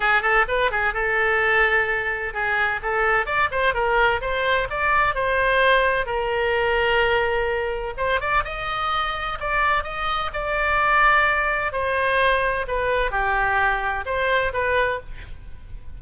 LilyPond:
\new Staff \with { instrumentName = "oboe" } { \time 4/4 \tempo 4 = 128 gis'8 a'8 b'8 gis'8 a'2~ | a'4 gis'4 a'4 d''8 c''8 | ais'4 c''4 d''4 c''4~ | c''4 ais'2.~ |
ais'4 c''8 d''8 dis''2 | d''4 dis''4 d''2~ | d''4 c''2 b'4 | g'2 c''4 b'4 | }